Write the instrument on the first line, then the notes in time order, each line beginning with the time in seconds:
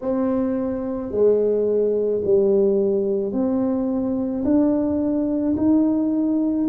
tuba
0.01 C4
1.11 G#3
2.24 G3
3.32 C4
4.44 D4
5.56 D#4